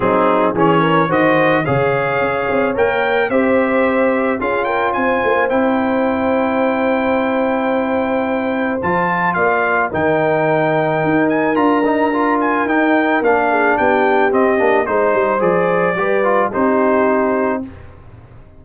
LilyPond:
<<
  \new Staff \with { instrumentName = "trumpet" } { \time 4/4 \tempo 4 = 109 gis'4 cis''4 dis''4 f''4~ | f''4 g''4 e''2 | f''8 g''8 gis''4 g''2~ | g''1 |
a''4 f''4 g''2~ | g''8 gis''8 ais''4. gis''8 g''4 | f''4 g''4 dis''4 c''4 | d''2 c''2 | }
  \new Staff \with { instrumentName = "horn" } { \time 4/4 dis'4 gis'8 ais'8 c''4 cis''4~ | cis''2 c''2 | gis'8 ais'8 c''2.~ | c''1~ |
c''4 d''4 ais'2~ | ais'1~ | ais'8 gis'8 g'2 c''4~ | c''4 b'4 g'2 | }
  \new Staff \with { instrumentName = "trombone" } { \time 4/4 c'4 cis'4 fis'4 gis'4~ | gis'4 ais'4 g'2 | f'2 e'2~ | e'1 |
f'2 dis'2~ | dis'4 f'8 dis'8 f'4 dis'4 | d'2 c'8 d'8 dis'4 | gis'4 g'8 f'8 dis'2 | }
  \new Staff \with { instrumentName = "tuba" } { \time 4/4 fis4 e4 dis4 cis4 | cis'8 c'8 ais4 c'2 | cis'4 c'8 ais8 c'2~ | c'1 |
f4 ais4 dis2 | dis'4 d'2 dis'4 | ais4 b4 c'8 ais8 gis8 g8 | f4 g4 c'2 | }
>>